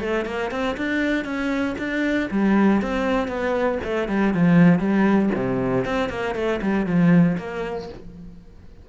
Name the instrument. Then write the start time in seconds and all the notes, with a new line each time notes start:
cello
0.00 A3
0.25 A#3
0.51 C4
0.77 D4
1.25 C#4
1.78 D4
2.31 G3
2.82 C4
3.28 B3
3.83 A3
4.08 G3
4.34 F3
4.79 G3
5.35 C3
5.85 C4
6.09 A#3
6.35 A3
6.61 G3
6.86 F3
7.38 A#3